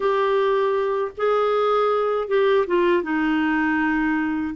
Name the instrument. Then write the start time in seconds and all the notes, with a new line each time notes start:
clarinet
0.00 G4
1.17 G#4
2.28 G4
2.66 F4
3.02 D#4